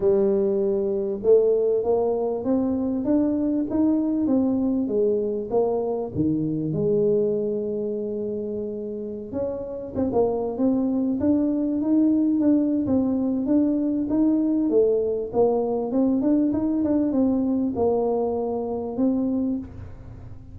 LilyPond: \new Staff \with { instrumentName = "tuba" } { \time 4/4 \tempo 4 = 98 g2 a4 ais4 | c'4 d'4 dis'4 c'4 | gis4 ais4 dis4 gis4~ | gis2.~ gis16 cis'8.~ |
cis'16 c'16 ais8. c'4 d'4 dis'8.~ | dis'16 d'8. c'4 d'4 dis'4 | a4 ais4 c'8 d'8 dis'8 d'8 | c'4 ais2 c'4 | }